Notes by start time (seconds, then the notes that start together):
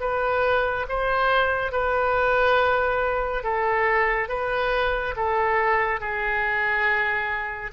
0.00 B4
0.88 C5
1.71 B4
3.43 A4
4.29 B4
5.16 A4
6.00 G#4